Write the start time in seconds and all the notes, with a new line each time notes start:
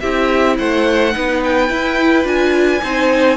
0.00 C4 E4 G4 E5
0.58 A3 C5 F#5
1.12 B3 D#4 B4
1.44 G5
1.69 E4
2.24 D4 F4 G#5
2.83 C4 D#4 C5